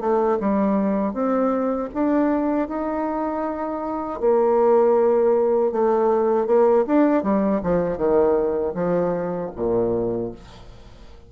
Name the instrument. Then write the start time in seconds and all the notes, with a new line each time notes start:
bassoon
0.00 A3
0.39 G3
1.13 C4
1.94 D4
2.68 D#4
4.20 A#3
5.72 A3
6.46 A#3
6.87 D4
7.23 G3
7.63 F3
7.97 D#3
8.74 F3
9.56 A#2